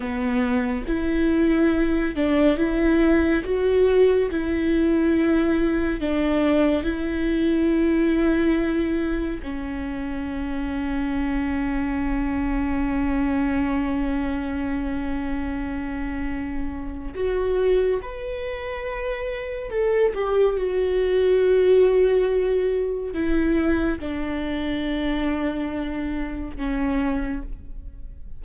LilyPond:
\new Staff \with { instrumentName = "viola" } { \time 4/4 \tempo 4 = 70 b4 e'4. d'8 e'4 | fis'4 e'2 d'4 | e'2. cis'4~ | cis'1~ |
cis'1 | fis'4 b'2 a'8 g'8 | fis'2. e'4 | d'2. cis'4 | }